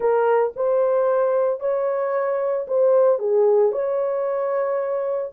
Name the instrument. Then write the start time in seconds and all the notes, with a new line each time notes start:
horn
0.00 A#4
0.56 C5
1.60 C#5
2.67 C5
3.19 G#4
3.72 C#5